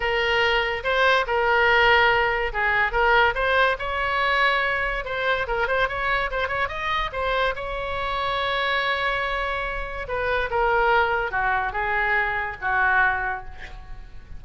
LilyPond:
\new Staff \with { instrumentName = "oboe" } { \time 4/4 \tempo 4 = 143 ais'2 c''4 ais'4~ | ais'2 gis'4 ais'4 | c''4 cis''2. | c''4 ais'8 c''8 cis''4 c''8 cis''8 |
dis''4 c''4 cis''2~ | cis''1 | b'4 ais'2 fis'4 | gis'2 fis'2 | }